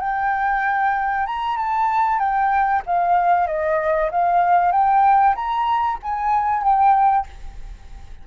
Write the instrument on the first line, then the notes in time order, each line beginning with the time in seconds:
flute
0.00 G5
1.26 A#5
1.57 A5
2.19 G5
2.86 F5
3.47 D#5
4.11 F5
4.72 G5
5.35 A#5
6.02 G#5
6.63 G5